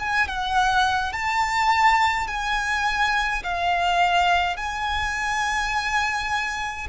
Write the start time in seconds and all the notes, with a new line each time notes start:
0.00 G#5
0.28 F#5
1.13 A5
2.28 G#5
3.44 F5
4.57 G#5